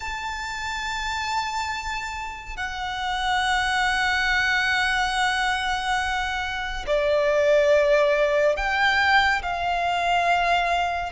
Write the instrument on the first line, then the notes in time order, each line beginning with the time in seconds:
violin
0.00 A5
2.56 F#5
6.86 D5
8.56 G5
9.42 F5